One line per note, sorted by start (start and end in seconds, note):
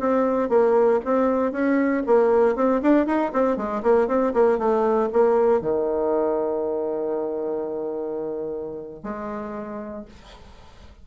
0.00 0.49 C4
0.49 1.00 A#3
1.05 1.52 C4
1.52 2.03 C#4
2.07 2.56 A#3
2.56 2.81 C4
2.82 3.06 D4
3.06 3.32 D#4
3.33 3.57 C4
3.57 3.82 G#3
3.83 4.08 A#3
4.08 4.33 C4
4.34 4.58 A#3
4.58 5.09 A3
5.13 5.61 A#3
5.61 9.03 D#3
9.03 10.05 G#3